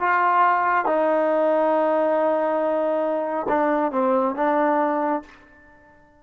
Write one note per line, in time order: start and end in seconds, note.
0.00 0.86 F4
0.86 3.47 D#4
3.49 3.92 D4
3.92 4.36 C4
4.36 5.23 D4